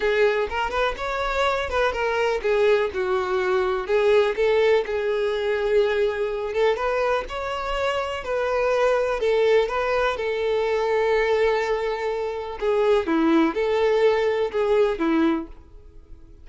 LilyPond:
\new Staff \with { instrumentName = "violin" } { \time 4/4 \tempo 4 = 124 gis'4 ais'8 b'8 cis''4. b'8 | ais'4 gis'4 fis'2 | gis'4 a'4 gis'2~ | gis'4. a'8 b'4 cis''4~ |
cis''4 b'2 a'4 | b'4 a'2.~ | a'2 gis'4 e'4 | a'2 gis'4 e'4 | }